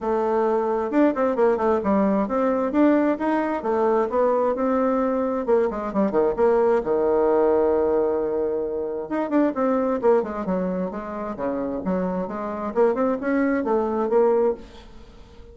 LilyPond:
\new Staff \with { instrumentName = "bassoon" } { \time 4/4 \tempo 4 = 132 a2 d'8 c'8 ais8 a8 | g4 c'4 d'4 dis'4 | a4 b4 c'2 | ais8 gis8 g8 dis8 ais4 dis4~ |
dis1 | dis'8 d'8 c'4 ais8 gis8 fis4 | gis4 cis4 fis4 gis4 | ais8 c'8 cis'4 a4 ais4 | }